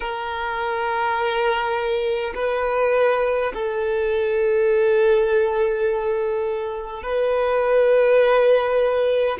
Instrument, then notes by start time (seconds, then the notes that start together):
violin
0.00 A#4
2.35 B4
3.53 A4
7.03 B4